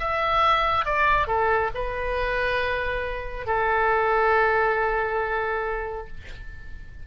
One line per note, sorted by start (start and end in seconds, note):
0.00 0.86 E5
0.86 1.28 D5
1.28 1.71 A4
1.75 3.47 B4
3.47 6.08 A4